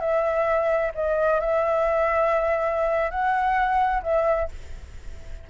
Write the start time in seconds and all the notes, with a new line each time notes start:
0.00 E5
0.94 D#5
1.40 E5
3.10 F#5
4.03 E5